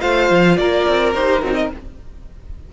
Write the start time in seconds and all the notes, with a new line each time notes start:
0.00 A3 F4 C5 F5
0.31 F3
0.57 A#3 A#4 D5
0.88 C4
1.14 D#4 G4 C5
1.43 F#3 C4 D#4
1.55 D#5